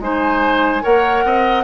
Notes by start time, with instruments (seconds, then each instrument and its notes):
0.00 bassoon G#3, clarinet D#4, oboe C5, flute G#5
0.82 bassoon A#3, clarinet A#4, oboe C#5, flute F#5
1.24 bassoon C4, oboe D#5